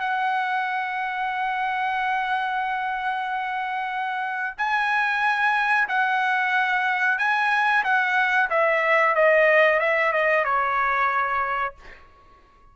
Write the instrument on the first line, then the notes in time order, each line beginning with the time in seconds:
trumpet
0.00 F#5
4.58 G#5
5.89 F#5
7.19 G#5
7.84 F#5
8.50 E5
9.15 D#5
9.80 E5
10.13 D#5
10.45 C#5